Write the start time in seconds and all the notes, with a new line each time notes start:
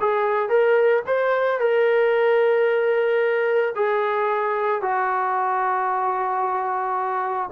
0.00 G#4
0.49 A#4
1.07 C5
1.60 A#4
3.75 G#4
4.82 F#4